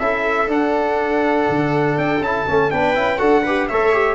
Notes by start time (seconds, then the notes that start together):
0.00 C#4 E4 A4 E5
0.48 D4 F#5
1.50 D3
1.98 D4 G5
2.21 C#4 E4 A5
2.48 A3 C#4
2.71 B3 D4 B4 G5
2.95 C#4 E4
3.19 D4 F#4 A4 F#5
3.44 G4 B4
3.68 A3 A4 C#5 E5
3.93 G4